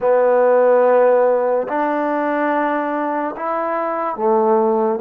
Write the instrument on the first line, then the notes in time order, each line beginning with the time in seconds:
trombone
0.00 B3
1.68 D4
3.36 E4
4.16 A3